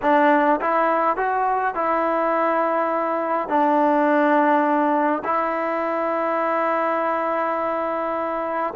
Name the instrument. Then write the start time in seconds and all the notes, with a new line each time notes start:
trombone
0.02 D4
0.61 E4
1.17 F#4
1.74 E4
3.48 D4
5.24 E4